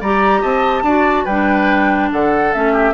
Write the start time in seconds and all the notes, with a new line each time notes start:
0.00 G3 G4 D5 A#5
0.41 C4 D#5 A5
0.82 D4 F#4 D5
1.24 G3 D4 B4 G5
2.12 D3 A4 F#5
2.53 A3 C#4 E5
2.72 G4